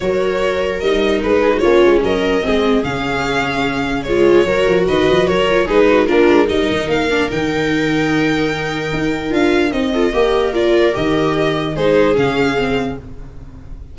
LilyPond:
<<
  \new Staff \with { instrumentName = "violin" } { \time 4/4 \tempo 4 = 148 cis''2 dis''4 b'4 | cis''4 dis''2 f''4~ | f''2 cis''2 | dis''4 cis''4 b'4 ais'4 |
dis''4 f''4 g''2~ | g''2. f''4 | dis''2 d''4 dis''4~ | dis''4 c''4 f''2 | }
  \new Staff \with { instrumentName = "viola" } { \time 4/4 ais'2.~ ais'8 gis'16 fis'16 | f'4 ais'4 gis'2~ | gis'2 f'4 ais'4 | b'4 ais'4 gis'8 fis'8 f'4 |
ais'1~ | ais'1~ | ais'8 a'8 ais'2.~ | ais'4 gis'2. | }
  \new Staff \with { instrumentName = "viola" } { \time 4/4 fis'2 dis'2 | cis'2 c'4 cis'4~ | cis'2 gis4 fis'4~ | fis'4. f'8 dis'4 d'4 |
dis'4. d'8 dis'2~ | dis'2. f'4 | dis'8 f'8 g'4 f'4 g'4~ | g'4 dis'4 cis'4 c'4 | }
  \new Staff \with { instrumentName = "tuba" } { \time 4/4 fis2 g4 gis4 | ais8 gis8 fis4 gis4 cis4~ | cis2. fis8 f8 | dis8 f8 fis4 gis4 ais8 gis8 |
g8 dis8 ais4 dis2~ | dis2 dis'4 d'4 | c'4 ais2 dis4~ | dis4 gis4 cis2 | }
>>